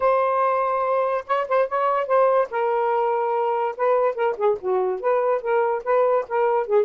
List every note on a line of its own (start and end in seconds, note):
0.00 1.24 C5
1.26 1.47 C#5
1.48 1.68 C5
1.68 2.06 C#5
2.06 2.48 C5
2.50 3.75 A#4
3.76 4.15 B4
4.15 4.35 A#4
4.37 4.57 G#4
4.60 5.00 F#4
5.00 5.41 B4
5.41 5.83 A#4
5.84 6.25 B4
6.28 6.66 A#4
6.66 6.85 G#4